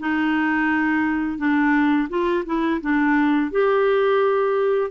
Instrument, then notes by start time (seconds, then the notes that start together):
clarinet
0.00 D#4
1.38 D4
2.10 F4
2.46 E4
2.82 D4
3.52 G4